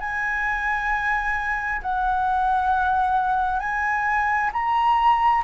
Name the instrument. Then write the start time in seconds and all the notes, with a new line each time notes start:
flute
0.00 G#5
1.82 F#5
3.60 G#5
4.53 A#5